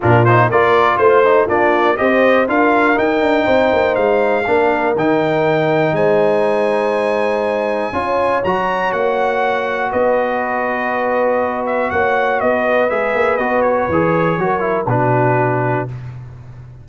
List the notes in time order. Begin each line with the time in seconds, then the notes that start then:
0.00 A#2 D4 F4 A#4
0.24 D#4 C5
0.48 A#3 F4 A#4 D5
0.97 A3 C5
1.24 D#4
1.45 A#3 D4 F4 D5
1.96 C4 G4 C5 D#5
2.47 D4 F4 A#4 F5
2.95 D#4 G5
3.21 D4
3.44 C4 C5
3.73 A#3
3.95 G#3 F5
4.46 A#3 D4 A#4
4.95 D#3 D#4 G5
5.92 G#3 C5 G#5
7.92 C#4 F4 C#5
8.43 F#3 F#4 A#5
8.92 A#3 F#5
9.90 B3 B4 D#5
11.66 E5
11.90 A#3 C#5 F#5
12.40 B3 B4 D#5
12.89 G#3 G#4 E5
13.14 A#3
13.37 B3 F#4 D#5
13.61 C#5
13.88 E3 G#4
14.37 F#3 F#4 A#4
14.60 E4
14.86 B2 D4 F#4 B4